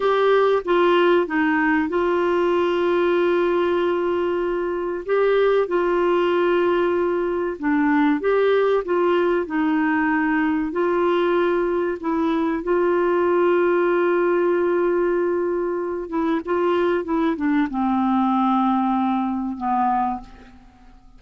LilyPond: \new Staff \with { instrumentName = "clarinet" } { \time 4/4 \tempo 4 = 95 g'4 f'4 dis'4 f'4~ | f'1 | g'4 f'2. | d'4 g'4 f'4 dis'4~ |
dis'4 f'2 e'4 | f'1~ | f'4. e'8 f'4 e'8 d'8 | c'2. b4 | }